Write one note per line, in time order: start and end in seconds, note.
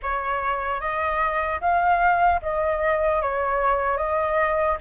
0.02 0.80 C#5
0.80 1.60 D#5
1.60 2.40 F5
2.42 3.22 D#5
3.22 3.97 C#5
3.97 4.77 D#5